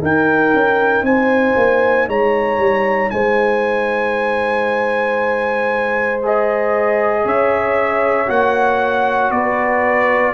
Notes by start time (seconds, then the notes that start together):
0.00 D#4 A#4 G5
0.54 C#4
1.03 C4 C5 G#5
1.57 A#3
2.08 G#3 C#5 A#5
2.58 G3
3.11 G#3 C5 G#5
6.23 G#4 D#5
7.25 C#4 C#5 E5
8.27 A#3 F#4 F#5
9.31 B3 B4 D5